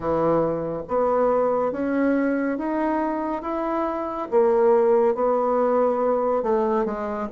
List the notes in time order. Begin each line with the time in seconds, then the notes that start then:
0.00 E3
0.88 B3
1.72 C#4
2.58 D#4
3.42 E4
4.31 A#3
5.14 B3
6.42 A3
6.85 G#3